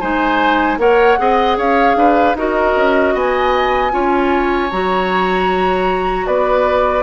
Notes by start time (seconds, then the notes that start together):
0.00 G#3 D#4 C5 G#5
0.77 A#3 A#4 C#5 F#5
1.18 C4 G#4 D#5
1.57 C#4 C#5 F5
1.95 D4 B4
2.35 D#4 F#4 A#4 D#5
2.75 C#4
3.14 B3 D#5 G#5
3.91 C#4 F4 C#5
4.70 F#3 F#4 A#5
6.26 B3 B4 D5